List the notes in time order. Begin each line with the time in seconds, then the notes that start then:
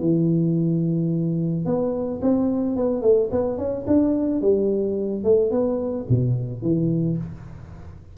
0.00 E3
1.65 B3
2.21 C4
2.76 B3
3.02 A3
3.31 B3
3.58 C#4
3.87 D4
4.41 G3
5.23 A3
5.51 B3
6.09 B2
6.62 E3